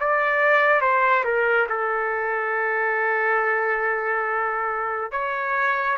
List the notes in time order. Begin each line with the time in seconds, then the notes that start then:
0.00 D5
0.81 C5
1.24 A#4
1.69 A4
5.12 C#5